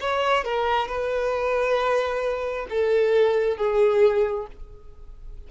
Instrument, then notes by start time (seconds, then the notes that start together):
violin
0.00 C#5
0.44 A#4
0.88 B4
2.69 A4
3.57 G#4